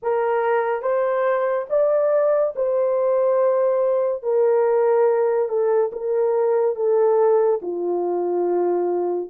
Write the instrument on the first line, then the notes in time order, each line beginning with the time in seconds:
horn
0.02 A#4
0.81 C5
1.69 D5
2.55 C5
4.23 A#4
5.48 A4
5.92 A#4
6.75 A4
7.61 F4